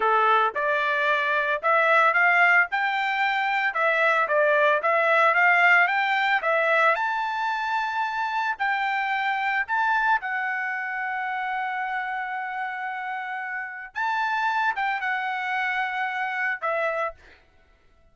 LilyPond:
\new Staff \with { instrumentName = "trumpet" } { \time 4/4 \tempo 4 = 112 a'4 d''2 e''4 | f''4 g''2 e''4 | d''4 e''4 f''4 g''4 | e''4 a''2. |
g''2 a''4 fis''4~ | fis''1~ | fis''2 a''4. g''8 | fis''2. e''4 | }